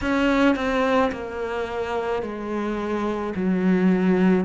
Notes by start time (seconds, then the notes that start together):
0.01 C#4
0.56 C4
1.12 A#3
2.22 G#3
3.35 F#3